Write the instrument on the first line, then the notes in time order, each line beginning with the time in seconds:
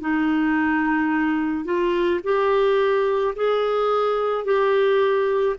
clarinet
0.00 D#4
1.65 F4
2.23 G4
3.35 G#4
4.44 G4